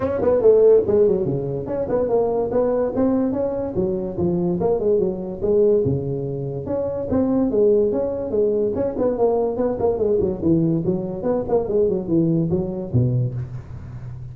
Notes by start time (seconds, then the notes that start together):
0.00 C#4
0.21 B3
0.41 A3
0.87 G#3
1.07 F#3
1.25 C#3
1.66 C#4
1.88 B3
2.09 A#3
2.51 B3
2.95 C4
3.32 C#4
3.75 F#3
4.17 F3
4.60 A#3
4.79 G#3
4.99 F#3
5.42 G#3
5.84 C#3
6.66 C#4
7.10 C4
7.50 G#3
7.92 C#4
8.30 G#3
8.75 C#4
8.98 B3
9.17 A#3
9.56 B3
9.79 A#3
9.98 G#3
10.20 F#3
10.41 E3
10.85 F#3
11.23 B3
11.48 A#3
11.68 G#3
11.88 F#3
12.07 E3
12.50 F#3
12.92 B2